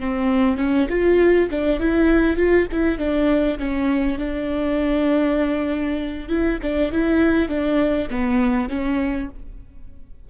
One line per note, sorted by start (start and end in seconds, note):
0.00 0.58 C4
0.58 0.88 C#4
0.90 1.50 F4
1.51 1.80 D4
1.80 2.37 E4
2.37 2.67 F4
2.72 2.99 E4
2.99 3.59 D4
3.59 4.19 C#4
4.19 6.29 D4
6.29 6.59 E4
6.62 6.92 D4
6.92 7.49 E4
7.49 8.09 D4
8.11 8.69 B3
8.69 9.29 C#4